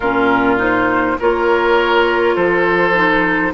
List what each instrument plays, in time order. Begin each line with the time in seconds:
0.00 bassoon A#2, clarinet C#4, oboe F4, flute A#4
0.57 clarinet D#4, flute C5
1.19 bassoon A#3, clarinet F4, oboe A#4, flute C#5
2.35 bassoon F3, oboe A4, flute C5
2.94 clarinet D#4